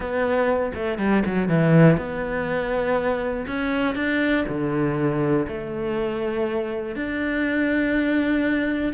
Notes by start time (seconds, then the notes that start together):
0.00 B3
0.74 A3
0.98 G3
1.25 F#3
1.48 E3
1.97 B3
3.46 C#4
3.95 D4
4.47 D3
5.48 A3
6.95 D4